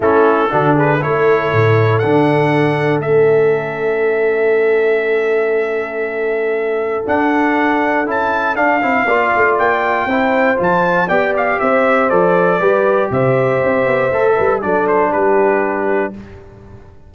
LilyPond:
<<
  \new Staff \with { instrumentName = "trumpet" } { \time 4/4 \tempo 4 = 119 a'4. b'8 cis''2 | fis''2 e''2~ | e''1~ | e''2 fis''2 |
a''4 f''2 g''4~ | g''4 a''4 g''8 f''8 e''4 | d''2 e''2~ | e''4 d''8 c''8 b'2 | }
  \new Staff \with { instrumentName = "horn" } { \time 4/4 e'4 fis'8 gis'8 a'2~ | a'1~ | a'1~ | a'1~ |
a'2 d''2 | c''2 d''4 c''4~ | c''4 b'4 c''2~ | c''8 b'8 a'4 g'2 | }
  \new Staff \with { instrumentName = "trombone" } { \time 4/4 cis'4 d'4 e'2 | d'2 cis'2~ | cis'1~ | cis'2 d'2 |
e'4 d'8 e'8 f'2 | e'4 f'4 g'2 | a'4 g'2. | a'4 d'2. | }
  \new Staff \with { instrumentName = "tuba" } { \time 4/4 a4 d4 a4 a,4 | d2 a2~ | a1~ | a2 d'2 |
cis'4 d'8 c'8 ais8 a8 ais4 | c'4 f4 b4 c'4 | f4 g4 c4 c'8 b8 | a8 g8 fis4 g2 | }
>>